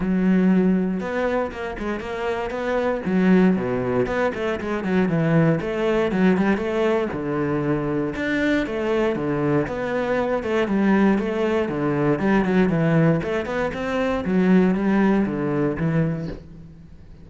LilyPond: \new Staff \with { instrumentName = "cello" } { \time 4/4 \tempo 4 = 118 fis2 b4 ais8 gis8 | ais4 b4 fis4 b,4 | b8 a8 gis8 fis8 e4 a4 | fis8 g8 a4 d2 |
d'4 a4 d4 b4~ | b8 a8 g4 a4 d4 | g8 fis8 e4 a8 b8 c'4 | fis4 g4 d4 e4 | }